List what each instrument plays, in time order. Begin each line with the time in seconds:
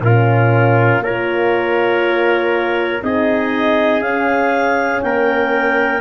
0.00 tuba A#2, horn C#4, trumpet F4, clarinet A#4
0.98 tuba A#3, trumpet A#4, clarinet C#5
1.05 horn F4
3.02 tuba C4, horn D#4, trumpet G#4, clarinet D#5
4.00 tuba C#4, horn C#4, clarinet F5
5.02 tuba A#3, trumpet A#4, clarinet G5